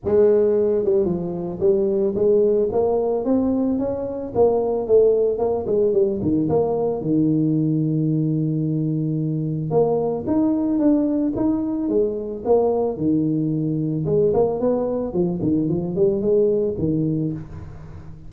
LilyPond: \new Staff \with { instrumentName = "tuba" } { \time 4/4 \tempo 4 = 111 gis4. g8 f4 g4 | gis4 ais4 c'4 cis'4 | ais4 a4 ais8 gis8 g8 dis8 | ais4 dis2.~ |
dis2 ais4 dis'4 | d'4 dis'4 gis4 ais4 | dis2 gis8 ais8 b4 | f8 dis8 f8 g8 gis4 dis4 | }